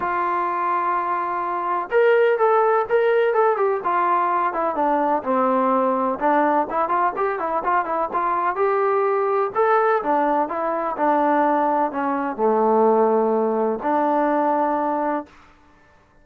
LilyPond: \new Staff \with { instrumentName = "trombone" } { \time 4/4 \tempo 4 = 126 f'1 | ais'4 a'4 ais'4 a'8 g'8 | f'4. e'8 d'4 c'4~ | c'4 d'4 e'8 f'8 g'8 e'8 |
f'8 e'8 f'4 g'2 | a'4 d'4 e'4 d'4~ | d'4 cis'4 a2~ | a4 d'2. | }